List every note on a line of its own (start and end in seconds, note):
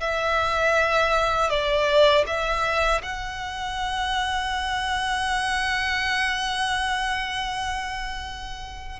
0.00 1.50 E5
1.50 2.25 D5
2.27 3.02 E5
3.02 8.99 F#5